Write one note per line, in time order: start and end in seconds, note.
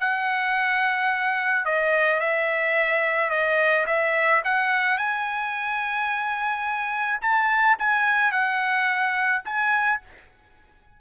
0.00 1.65 F#5
1.65 2.20 D#5
2.20 3.30 E5
3.30 3.86 D#5
3.86 4.42 E5
4.44 4.98 F#5
4.98 7.20 G#5
7.21 7.77 A5
7.79 8.32 G#5
8.32 9.43 F#5
9.45 10.00 G#5